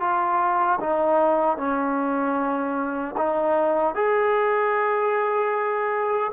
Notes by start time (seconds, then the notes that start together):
0.00 F4
0.80 D#4
1.57 C#4
3.17 D#4
3.95 G#4